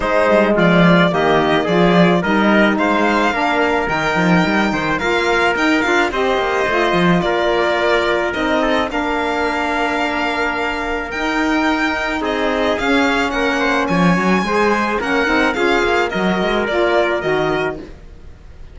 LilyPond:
<<
  \new Staff \with { instrumentName = "violin" } { \time 4/4 \tempo 4 = 108 c''4 d''4 dis''4 d''4 | dis''4 f''2 g''4~ | g''4 f''4 g''8 f''8 dis''4~ | dis''4 d''2 dis''4 |
f''1 | g''2 dis''4 f''4 | fis''4 gis''2 fis''4 | f''4 dis''4 d''4 dis''4 | }
  \new Staff \with { instrumentName = "trumpet" } { \time 4/4 dis'4 f'4 g'4 gis'4 | ais'4 c''4 ais'2~ | ais'8 c''8 ais'2 c''4~ | c''4 ais'2~ ais'8 a'8 |
ais'1~ | ais'2 gis'2 | ais'8 c''8 cis''4 c''4 ais'4 | gis'4 ais'2. | }
  \new Staff \with { instrumentName = "saxophone" } { \time 4/4 gis2 ais4 f'4 | dis'2 d'4 dis'4~ | dis'4 f'4 dis'8 f'8 g'4 | f'2. dis'4 |
d'1 | dis'2. cis'4~ | cis'2 gis'4 cis'8 dis'8 | f'4 fis'4 f'4 fis'4 | }
  \new Staff \with { instrumentName = "cello" } { \time 4/4 gis8 g8 f4 dis4 f4 | g4 gis4 ais4 dis8 f8 | g8 dis8 ais4 dis'8 d'8 c'8 ais8 | a8 f8 ais2 c'4 |
ais1 | dis'2 c'4 cis'4 | ais4 f8 fis8 gis4 ais8 c'8 | cis'8 ais8 fis8 gis8 ais4 dis4 | }
>>